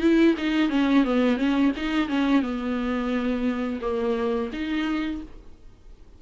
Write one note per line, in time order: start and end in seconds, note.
0.00 0.34 E4
0.37 0.70 D#4
0.70 1.04 C#4
1.04 1.37 B3
1.37 1.71 C#4
1.76 2.08 D#4
2.08 2.42 C#4
2.42 3.80 B3
3.81 4.50 A#3
4.53 5.22 D#4